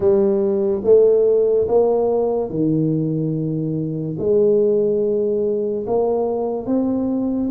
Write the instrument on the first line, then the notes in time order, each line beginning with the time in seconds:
tuba
0.00 G3
0.84 A3
1.68 A#3
2.50 D#3
4.19 G#3
5.86 A#3
6.66 C4